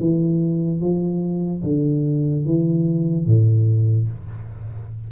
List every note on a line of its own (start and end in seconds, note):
0.00 0.80 E3
0.80 1.63 F3
1.63 2.45 D3
2.45 3.26 E3
3.26 4.08 A2